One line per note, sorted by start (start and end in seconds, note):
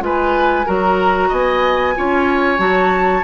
0.00 0.65 G#3
0.00 0.65 F4
0.00 0.66 B4
0.00 0.68 G#5
0.66 1.31 F#3
0.66 1.95 F#4
0.66 1.28 A#4
0.66 1.33 A#5
1.28 1.96 B3
1.28 1.93 D#5
1.28 2.60 G#5
1.96 2.59 C#4
1.96 2.58 F4
1.96 3.24 C#5
2.58 3.23 F#3
2.58 3.22 F#4
2.58 3.24 A5